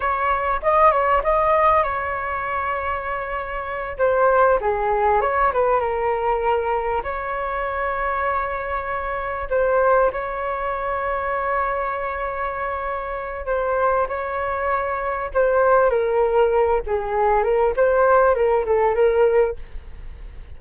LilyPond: \new Staff \with { instrumentName = "flute" } { \time 4/4 \tempo 4 = 98 cis''4 dis''8 cis''8 dis''4 cis''4~ | cis''2~ cis''8 c''4 gis'8~ | gis'8 cis''8 b'8 ais'2 cis''8~ | cis''2.~ cis''8 c''8~ |
c''8 cis''2.~ cis''8~ | cis''2 c''4 cis''4~ | cis''4 c''4 ais'4. gis'8~ | gis'8 ais'8 c''4 ais'8 a'8 ais'4 | }